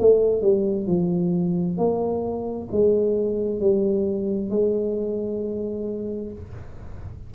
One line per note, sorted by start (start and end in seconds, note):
0.00 0.42 A3
0.42 0.87 G3
0.87 1.78 F3
1.78 2.69 A#3
2.72 3.60 G#3
3.60 4.50 G3
4.50 6.32 G#3